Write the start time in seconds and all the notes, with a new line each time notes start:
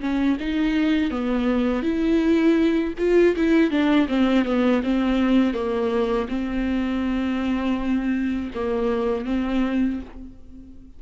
0.00 C#4
0.39 D#4
1.10 B3
1.82 E4
2.98 F4
3.36 E4
3.70 D4
4.08 C4
4.45 B3
4.83 C4
5.53 A#3
6.28 C4
8.54 A#3
9.25 C4